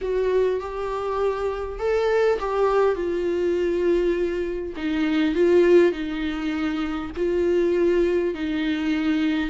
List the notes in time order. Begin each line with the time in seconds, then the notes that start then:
0.01 F#4
0.60 G4
1.79 A4
2.39 G4
2.95 F4
4.76 D#4
5.35 F4
5.92 D#4
7.16 F4
8.34 D#4